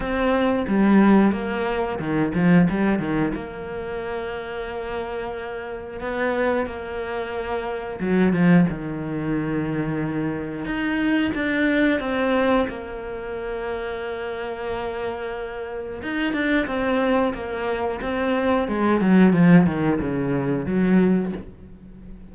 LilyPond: \new Staff \with { instrumentName = "cello" } { \time 4/4 \tempo 4 = 90 c'4 g4 ais4 dis8 f8 | g8 dis8 ais2.~ | ais4 b4 ais2 | fis8 f8 dis2. |
dis'4 d'4 c'4 ais4~ | ais1 | dis'8 d'8 c'4 ais4 c'4 | gis8 fis8 f8 dis8 cis4 fis4 | }